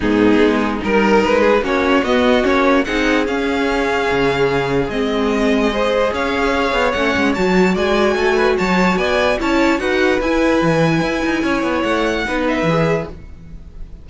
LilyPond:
<<
  \new Staff \with { instrumentName = "violin" } { \time 4/4 \tempo 4 = 147 gis'2 ais'4 b'4 | cis''4 dis''4 cis''4 fis''4 | f''1 | dis''2. f''4~ |
f''4 fis''4 a''4 gis''4~ | gis''4 a''4 gis''4 a''4 | fis''4 gis''2.~ | gis''4 fis''4. e''4. | }
  \new Staff \with { instrumentName = "violin" } { \time 4/4 dis'2 ais'4. gis'8 | fis'2. gis'4~ | gis'1~ | gis'2 c''4 cis''4~ |
cis''2. d''4 | a'8 b'8 cis''4 d''4 cis''4 | b'1 | cis''2 b'2 | }
  \new Staff \with { instrumentName = "viola" } { \time 4/4 b2 dis'2 | cis'4 b4 cis'4 dis'4 | cis'1 | c'2 gis'2~ |
gis'4 cis'4 fis'2~ | fis'2. e'4 | fis'4 e'2.~ | e'2 dis'4 gis'4 | }
  \new Staff \with { instrumentName = "cello" } { \time 4/4 gis,4 gis4 g4 gis4 | ais4 b4 ais4 c'4 | cis'2 cis2 | gis2. cis'4~ |
cis'8 b8 a8 gis8 fis4 gis4 | a4 fis4 b4 cis'4 | dis'4 e'4 e4 e'8 dis'8 | cis'8 b8 a4 b4 e4 | }
>>